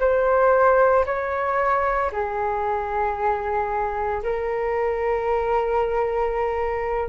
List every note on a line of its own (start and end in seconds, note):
0.00 1.05 C5
1.06 2.11 C#5
2.12 4.23 G#4
4.23 7.10 A#4